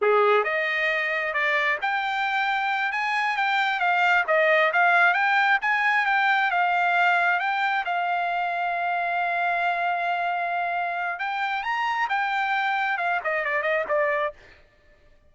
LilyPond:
\new Staff \with { instrumentName = "trumpet" } { \time 4/4 \tempo 4 = 134 gis'4 dis''2 d''4 | g''2~ g''8 gis''4 g''8~ | g''8 f''4 dis''4 f''4 g''8~ | g''8 gis''4 g''4 f''4.~ |
f''8 g''4 f''2~ f''8~ | f''1~ | f''4 g''4 ais''4 g''4~ | g''4 f''8 dis''8 d''8 dis''8 d''4 | }